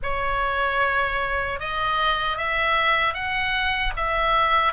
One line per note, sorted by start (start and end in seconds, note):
0.02 1.59 C#5
1.59 2.37 D#5
2.37 3.14 E5
3.14 3.93 F#5
3.96 4.72 E5